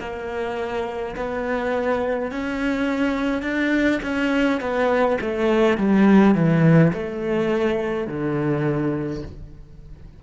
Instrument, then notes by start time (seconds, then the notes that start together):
cello
0.00 A#3
1.16 B3
2.31 C#4
3.42 D4
4.02 C#4
4.60 B3
5.21 A3
5.77 G3
6.34 E3
6.93 A3
8.07 D3